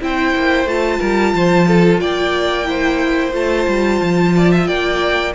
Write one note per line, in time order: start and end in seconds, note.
0.00 0.34 C4
0.00 0.67 E4
0.00 0.99 C5
0.00 0.68 G5
0.35 0.65 A#3
0.65 0.98 A3
0.65 2.64 F4
0.65 1.99 A5
0.99 1.33 G3
0.99 1.33 A#4
1.33 2.00 F3
1.33 1.67 C5
1.67 2.00 A4
1.99 3.33 A#3
1.99 2.67 D5
1.99 3.33 G5
2.64 3.31 E4
2.64 4.35 C5
3.32 3.66 A3
3.32 5.32 F4
3.32 4.66 A5
3.67 4.01 G3
4.01 4.67 F3
4.35 4.51 D5
4.51 4.67 E5
4.66 5.34 A#3
4.66 5.34 D5
4.66 5.32 G5